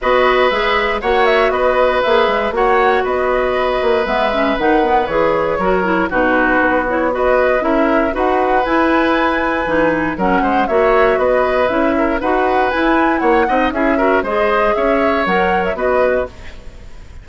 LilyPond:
<<
  \new Staff \with { instrumentName = "flute" } { \time 4/4 \tempo 4 = 118 dis''4 e''4 fis''8 e''8 dis''4 | e''4 fis''4 dis''2 | e''4 fis''4 cis''2 | b'4. cis''8 dis''4 e''4 |
fis''4 gis''2. | fis''4 e''4 dis''4 e''4 | fis''4 gis''4 fis''4 e''4 | dis''4 e''4 fis''8. e''16 dis''4 | }
  \new Staff \with { instrumentName = "oboe" } { \time 4/4 b'2 cis''4 b'4~ | b'4 cis''4 b'2~ | b'2. ais'4 | fis'2 b'4 ais'4 |
b'1 | ais'8 c''8 cis''4 b'4. ais'8 | b'2 cis''8 dis''8 gis'8 ais'8 | c''4 cis''2 b'4 | }
  \new Staff \with { instrumentName = "clarinet" } { \time 4/4 fis'4 gis'4 fis'2 | gis'4 fis'2. | b8 cis'8 dis'8 b8 gis'4 fis'8 e'8 | dis'4. e'8 fis'4 e'4 |
fis'4 e'2 dis'4 | cis'4 fis'2 e'4 | fis'4 e'4. dis'8 e'8 fis'8 | gis'2 ais'4 fis'4 | }
  \new Staff \with { instrumentName = "bassoon" } { \time 4/4 b4 gis4 ais4 b4 | ais8 gis8 ais4 b4. ais8 | gis4 dis4 e4 fis4 | b,4 b2 cis'4 |
dis'4 e'2 e4 | fis8 gis8 ais4 b4 cis'4 | dis'4 e'4 ais8 c'8 cis'4 | gis4 cis'4 fis4 b4 | }
>>